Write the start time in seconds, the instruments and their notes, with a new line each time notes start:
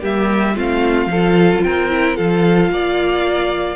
0.00 cello G3, viola A#3, violin G4 E5
0.55 cello A3, viola C4, violin F4 F5
1.06 cello F3, violin A4
1.12 viola F4
1.62 cello C4, violin A#4 G5
1.89 viola E4
2.15 cello F3, viola F4, violin A4 F5
2.70 cello A#3, violin D5